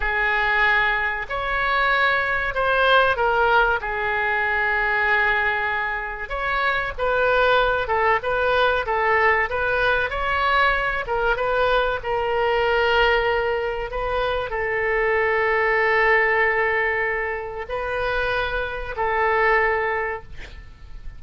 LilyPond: \new Staff \with { instrumentName = "oboe" } { \time 4/4 \tempo 4 = 95 gis'2 cis''2 | c''4 ais'4 gis'2~ | gis'2 cis''4 b'4~ | b'8 a'8 b'4 a'4 b'4 |
cis''4. ais'8 b'4 ais'4~ | ais'2 b'4 a'4~ | a'1 | b'2 a'2 | }